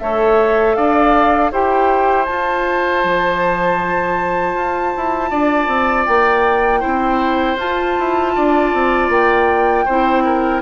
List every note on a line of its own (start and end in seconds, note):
0.00 0.77 A3
0.00 1.53 A4
0.00 0.77 C#5
0.00 0.75 E5
0.75 1.52 D4
0.75 1.52 D5
0.75 1.51 F5
1.52 2.28 E4
1.52 2.25 G4
1.52 5.31 C5
1.52 2.25 G5
2.25 6.81 F4
2.25 3.04 F4
2.25 6.05 A5
3.04 4.55 F3
4.55 4.93 F4
4.97 5.32 E4
5.31 5.68 D4
5.31 6.80 D5
5.68 6.06 C4
6.05 6.84 A#3
6.05 7.57 G5
6.80 7.56 C4
6.80 7.57 E4
6.80 8.32 C5
7.56 7.94 F4
7.56 9.86 F4
7.56 9.11 A5
8.00 8.37 E4
8.36 8.74 D4
8.36 9.85 D5
8.74 9.09 C4
9.09 9.85 A#3
9.09 10.62 G5
9.85 10.62 C4
9.85 10.62 E4
9.85 10.23 C5
10.25 10.62 A#4